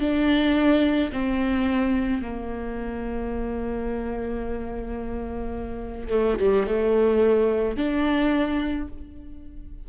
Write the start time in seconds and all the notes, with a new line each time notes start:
0.00 D4
1.13 C4
2.22 A#3
6.10 A3
6.40 G3
6.67 A3
7.77 D4